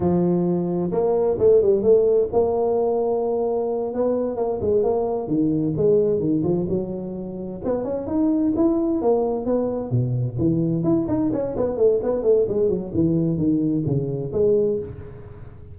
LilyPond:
\new Staff \with { instrumentName = "tuba" } { \time 4/4 \tempo 4 = 130 f2 ais4 a8 g8 | a4 ais2.~ | ais8 b4 ais8 gis8 ais4 dis8~ | dis8 gis4 dis8 f8 fis4.~ |
fis8 b8 cis'8 dis'4 e'4 ais8~ | ais8 b4 b,4 e4 e'8 | dis'8 cis'8 b8 a8 b8 a8 gis8 fis8 | e4 dis4 cis4 gis4 | }